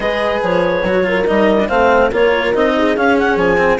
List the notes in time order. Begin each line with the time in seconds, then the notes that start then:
0.00 G#3 G#4 B4 D#5
0.43 F3 C#5
0.83 F#3 F#4
1.03 F4 A#4
1.26 G3 D#4 D#5
1.60 D4
1.67 A3 C4 C5 F5
2.10 A#3 F4 A#4 C#5
2.54 C4 D#4 D#5
2.76 G#4
2.96 C#4 F5
3.19 F#5
3.36 F3 G#5
3.57 C4